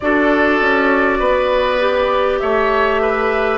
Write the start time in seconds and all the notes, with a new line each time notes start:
0.00 D4 F#4 A4 D5
0.60 C#4
1.19 B3 B4
1.79 G4
2.39 A3 C#5 E5
3.01 B4